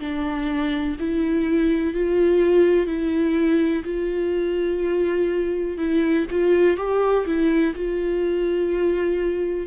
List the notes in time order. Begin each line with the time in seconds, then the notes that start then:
0.00 D4
0.99 E4
1.94 F4
2.87 E4
3.84 F4
5.78 E4
6.31 F4
6.77 G4
7.26 E4
7.75 F4